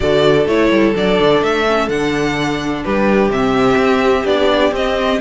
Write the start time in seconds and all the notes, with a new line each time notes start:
0.00 D3 F#4 A4 D5
0.46 A3 E4 C#5
0.70 G3
0.94 F#3 D4 D5
1.19 D3
1.41 A3 E5
1.66 C#4
1.88 D3 D4 F#5
2.84 G3 G4 B4
3.28 C3 C4 E5
3.76 C4
4.24 B3 D4 D5
4.71 C4 D#5